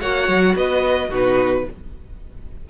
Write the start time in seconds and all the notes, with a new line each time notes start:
0.00 A#3 F#4 C#5 F#5
0.28 F#3
0.55 B3 B4 D#5
1.09 B2 D#4 F#4 B4